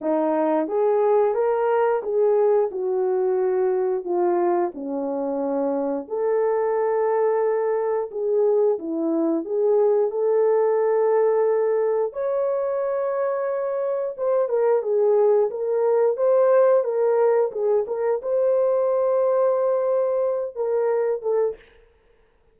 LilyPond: \new Staff \with { instrumentName = "horn" } { \time 4/4 \tempo 4 = 89 dis'4 gis'4 ais'4 gis'4 | fis'2 f'4 cis'4~ | cis'4 a'2. | gis'4 e'4 gis'4 a'4~ |
a'2 cis''2~ | cis''4 c''8 ais'8 gis'4 ais'4 | c''4 ais'4 gis'8 ais'8 c''4~ | c''2~ c''8 ais'4 a'8 | }